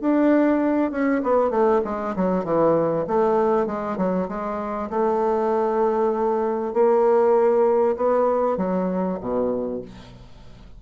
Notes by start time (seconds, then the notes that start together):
0.00 D4
0.91 C#4
1.23 B3
1.50 A3
1.84 G#3
2.16 F#3
2.44 E3
3.07 A3
3.66 G#3
3.97 F#3
4.28 G#3
4.90 A3
6.73 A#3
7.96 B3
8.57 F#3
9.20 B2